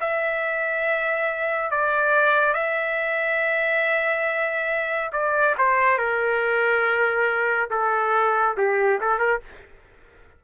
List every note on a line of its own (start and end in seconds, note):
0.00 1.71 E5
1.71 2.53 D5
2.53 5.10 E5
5.12 5.55 D5
5.58 5.98 C5
5.98 7.69 A#4
7.70 8.56 A4
8.57 9.00 G4
9.00 9.19 A4
9.19 9.40 A#4